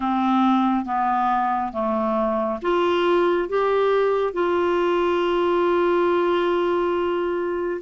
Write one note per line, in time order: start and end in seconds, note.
0.00 0.85 C4
0.85 1.72 B3
1.72 2.59 A3
2.62 3.49 F4
3.49 4.33 G4
4.33 7.81 F4